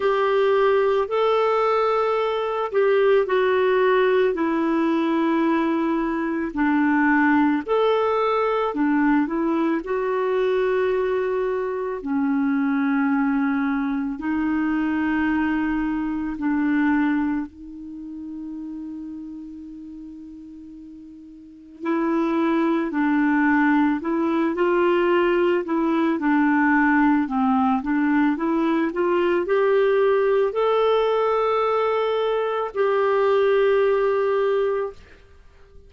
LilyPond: \new Staff \with { instrumentName = "clarinet" } { \time 4/4 \tempo 4 = 55 g'4 a'4. g'8 fis'4 | e'2 d'4 a'4 | d'8 e'8 fis'2 cis'4~ | cis'4 dis'2 d'4 |
dis'1 | e'4 d'4 e'8 f'4 e'8 | d'4 c'8 d'8 e'8 f'8 g'4 | a'2 g'2 | }